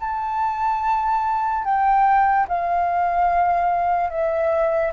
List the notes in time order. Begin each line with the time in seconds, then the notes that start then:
0.00 A5
1.64 G5
2.48 F5
4.10 E5